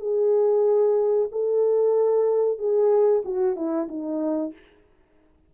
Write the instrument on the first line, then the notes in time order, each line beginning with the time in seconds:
horn
0.00 G#4
1.32 A4
2.58 G#4
3.25 F#4
3.56 E4
3.89 D#4